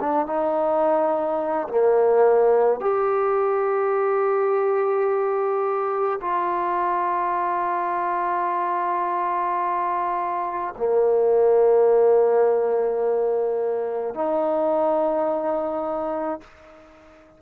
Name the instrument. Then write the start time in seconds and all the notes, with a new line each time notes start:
trombone
0.00 D4
0.26 D#4
1.68 A#3
2.80 G4
6.21 F4
10.78 A#3
14.14 D#4